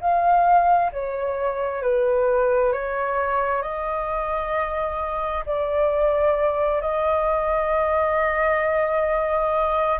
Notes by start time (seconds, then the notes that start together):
0.00 F5
0.92 C#5
1.82 B4
2.72 C#5
3.62 D#5
5.45 D5
6.81 D#5